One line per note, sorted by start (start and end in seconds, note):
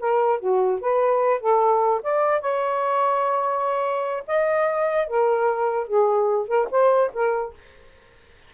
0.00 0.40 A#4
0.40 0.80 F#4
0.81 1.41 B4
1.41 2.02 A4
2.03 2.41 D5
2.41 4.24 C#5
4.28 5.08 D#5
5.08 5.87 A#4
5.87 6.48 G#4
6.48 6.68 A#4
6.71 7.11 C5
7.14 7.54 A#4